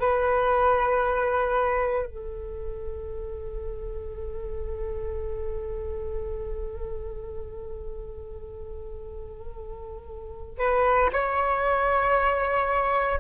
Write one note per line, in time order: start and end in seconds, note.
0.00 2.06 B4
2.06 10.58 A4
10.58 11.10 B4
11.13 13.20 C#5